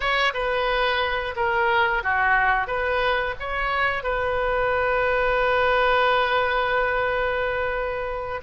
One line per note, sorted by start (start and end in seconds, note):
0.00 0.32 C#5
0.33 1.34 B4
1.35 2.03 A#4
2.03 2.67 F#4
2.67 3.34 B4
3.39 4.03 C#5
4.03 8.41 B4